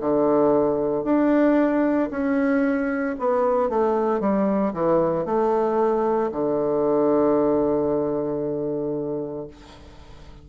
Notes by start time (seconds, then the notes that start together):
0.00 D3
1.04 D4
2.10 C#4
3.19 B3
3.69 A3
4.20 G3
4.73 E3
5.25 A3
6.32 D3